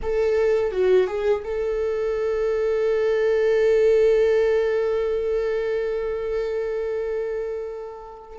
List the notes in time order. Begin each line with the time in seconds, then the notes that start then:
0.02 A4
0.71 F#4
1.07 G#4
1.44 A4